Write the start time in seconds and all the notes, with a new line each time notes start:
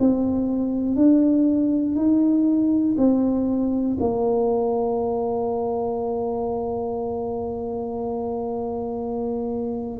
0.00 C4
0.96 D4
1.96 D#4
2.98 C4
4.00 A#3